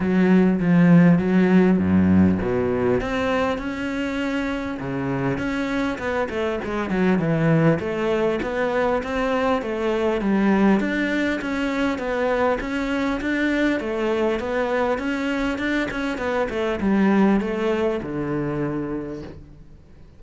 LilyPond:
\new Staff \with { instrumentName = "cello" } { \time 4/4 \tempo 4 = 100 fis4 f4 fis4 fis,4 | b,4 c'4 cis'2 | cis4 cis'4 b8 a8 gis8 fis8 | e4 a4 b4 c'4 |
a4 g4 d'4 cis'4 | b4 cis'4 d'4 a4 | b4 cis'4 d'8 cis'8 b8 a8 | g4 a4 d2 | }